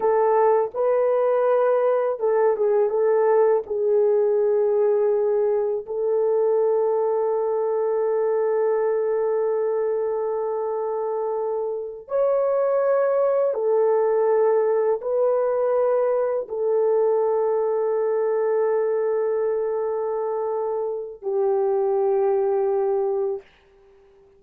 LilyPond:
\new Staff \with { instrumentName = "horn" } { \time 4/4 \tempo 4 = 82 a'4 b'2 a'8 gis'8 | a'4 gis'2. | a'1~ | a'1~ |
a'8 cis''2 a'4.~ | a'8 b'2 a'4.~ | a'1~ | a'4 g'2. | }